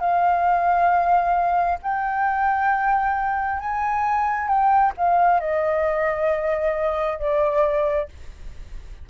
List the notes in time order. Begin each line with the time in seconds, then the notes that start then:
0.00 F5
1.83 G5
3.60 G#5
4.48 G5
4.97 F5
5.41 D#5
7.19 D5